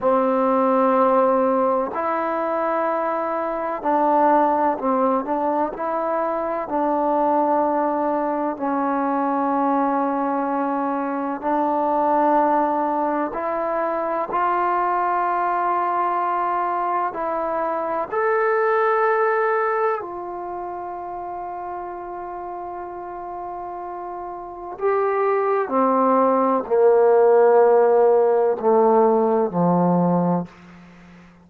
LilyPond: \new Staff \with { instrumentName = "trombone" } { \time 4/4 \tempo 4 = 63 c'2 e'2 | d'4 c'8 d'8 e'4 d'4~ | d'4 cis'2. | d'2 e'4 f'4~ |
f'2 e'4 a'4~ | a'4 f'2.~ | f'2 g'4 c'4 | ais2 a4 f4 | }